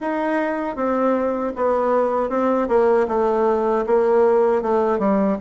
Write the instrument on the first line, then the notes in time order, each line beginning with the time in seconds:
bassoon
0.00 D#4
0.76 C4
1.56 B3
2.29 C4
2.68 A#3
3.08 A3
3.86 A#3
4.62 A3
4.99 G3